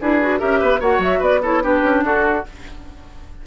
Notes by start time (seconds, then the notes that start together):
0.00 D4 E4 G#4 B4
0.22 F#4
0.38 C#4 G4 A#4 E5
0.59 B3 B4
0.80 A#3 F#4 C#5 F#5
0.98 F#3 E5
1.19 B3 B4 D5
1.42 E4 A4 C#5
1.62 D4 G4 B4
1.83 C#4
2.03 D4 F#4 A4